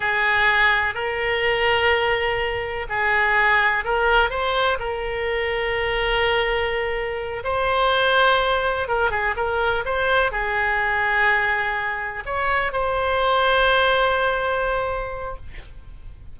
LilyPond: \new Staff \with { instrumentName = "oboe" } { \time 4/4 \tempo 4 = 125 gis'2 ais'2~ | ais'2 gis'2 | ais'4 c''4 ais'2~ | ais'2.~ ais'8 c''8~ |
c''2~ c''8 ais'8 gis'8 ais'8~ | ais'8 c''4 gis'2~ gis'8~ | gis'4. cis''4 c''4.~ | c''1 | }